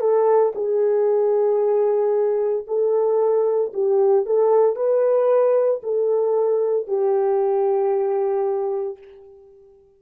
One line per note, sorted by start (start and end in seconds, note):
0.00 0.53 A4
0.55 2.65 G#4
2.67 3.72 A4
3.73 4.25 G4
4.25 4.76 A4
4.76 5.81 B4
5.83 6.87 A4
6.87 8.98 G4